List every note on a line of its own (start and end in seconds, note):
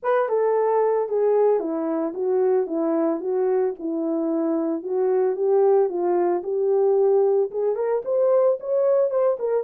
0.02 0.28 B4
0.28 1.09 A4
1.09 1.59 G#4
1.59 2.13 E4
2.14 2.66 F#4
2.66 3.20 E4
3.20 3.74 F#4
3.79 4.82 E4
4.82 5.36 F#4
5.36 5.89 G4
5.89 6.42 F4
6.43 7.50 G4
7.50 7.75 G#4
7.75 8.02 A#4
8.05 8.58 C5
8.60 9.10 C#5
9.10 9.37 C5
9.39 9.63 A#4